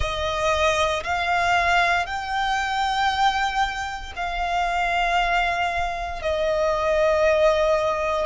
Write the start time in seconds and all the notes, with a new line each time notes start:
0.00 D#5
1.03 F5
2.05 G5
4.16 F5
6.22 D#5